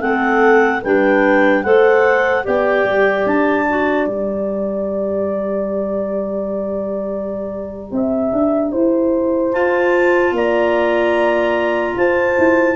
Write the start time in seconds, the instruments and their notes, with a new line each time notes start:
0.00 tuba A3, clarinet C4 F#5, horn A4
0.82 tuba G3, clarinet D4 G5, horn B4
1.63 tuba A3, clarinet A4 F#5, horn C5
2.44 tuba B3, clarinet G4 G5, horn D5
2.85 tuba G3
3.26 tuba D4, clarinet A5
3.70 clarinet F#4
4.07 tuba G3, clarinet G4 A#5
7.92 tuba C4, horn E5
8.33 tuba D4
8.72 tuba E4, horn C5
9.52 clarinet F4 A5, tuba F4
10.32 tuba A#3, horn D5, clarinet A#5
11.96 tuba F4, horn C5, clarinet A5
12.39 tuba E4